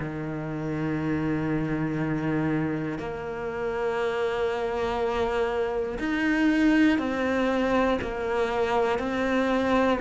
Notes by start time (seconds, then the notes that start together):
0.00 D#3
2.99 A#3
6.00 D#4
6.99 C4
8.02 A#3
9.00 C4